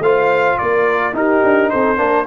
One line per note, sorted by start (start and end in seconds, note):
0.00 0.56 A3
0.00 1.14 F4
0.00 0.59 C5
0.00 0.59 F5
0.59 1.13 A#3
0.59 1.16 A#4
0.59 1.15 D5
1.13 1.41 D#4
1.13 1.98 D#4
1.13 1.72 G4
1.13 1.70 A#4
1.44 1.72 D4
1.70 1.99 C4
1.70 1.99 A4
1.70 2.26 C5
1.98 2.27 A#3
1.98 2.26 D4
1.98 2.27 A#4